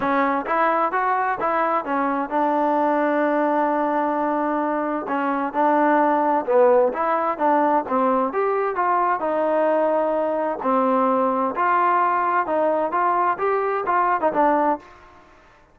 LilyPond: \new Staff \with { instrumentName = "trombone" } { \time 4/4 \tempo 4 = 130 cis'4 e'4 fis'4 e'4 | cis'4 d'2.~ | d'2. cis'4 | d'2 b4 e'4 |
d'4 c'4 g'4 f'4 | dis'2. c'4~ | c'4 f'2 dis'4 | f'4 g'4 f'8. dis'16 d'4 | }